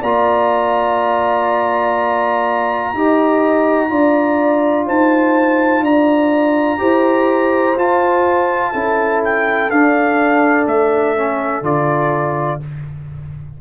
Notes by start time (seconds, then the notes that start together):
0.00 A#3 F4 D5 A#5
2.93 D#4 G4 D#5
3.89 D4 F4 D5
4.86 D#4 C5 A5
5.80 D4 D5 A#5
6.78 E4 G4 C5
7.76 F4 A5
8.72 C#4 E4 A4
9.24 G5
9.70 D4 F5
10.66 A3 E5
11.16 C#4
11.61 D3 F4 D5